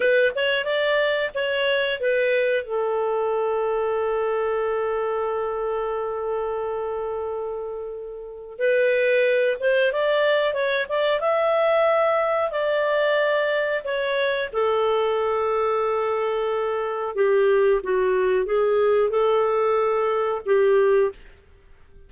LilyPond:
\new Staff \with { instrumentName = "clarinet" } { \time 4/4 \tempo 4 = 91 b'8 cis''8 d''4 cis''4 b'4 | a'1~ | a'1~ | a'4 b'4. c''8 d''4 |
cis''8 d''8 e''2 d''4~ | d''4 cis''4 a'2~ | a'2 g'4 fis'4 | gis'4 a'2 g'4 | }